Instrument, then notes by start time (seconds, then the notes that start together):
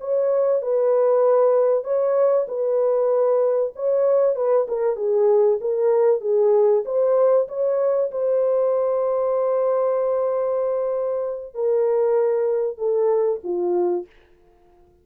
horn
0.00 C#5
0.62 B4
1.84 C#5
2.48 B4
3.76 C#5
4.36 B4
4.68 A#4
4.96 G#4
5.61 A#4
6.21 G#4
6.86 C5
7.48 C#5
8.11 C5
11.55 A#4
12.78 A4
13.44 F4